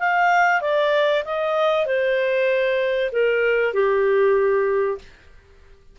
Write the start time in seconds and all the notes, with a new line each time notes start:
0.00 F5
0.62 D5
1.25 D#5
1.86 C5
3.12 A#4
3.74 G4